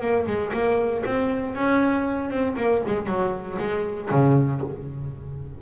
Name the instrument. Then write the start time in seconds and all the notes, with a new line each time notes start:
double bass
0.00 A#3
0.26 G#3
0.53 A#3
1.05 C4
1.55 C#4
2.30 C4
2.56 A#3
2.86 G#3
3.06 F#3
3.58 G#3
4.10 C#3